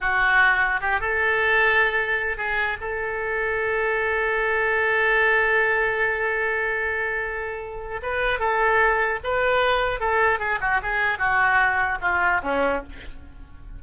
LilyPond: \new Staff \with { instrumentName = "oboe" } { \time 4/4 \tempo 4 = 150 fis'2 g'8 a'4.~ | a'2 gis'4 a'4~ | a'1~ | a'1~ |
a'1 | b'4 a'2 b'4~ | b'4 a'4 gis'8 fis'8 gis'4 | fis'2 f'4 cis'4 | }